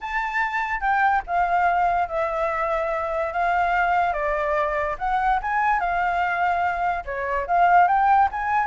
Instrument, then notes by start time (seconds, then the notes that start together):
flute
0.00 A5
0.80 G5
1.26 F5
2.08 E5
3.32 F5
4.13 D5
4.98 F#5
5.42 G#5
5.80 F5
7.05 C#5
7.47 F5
7.87 G5
8.31 G#5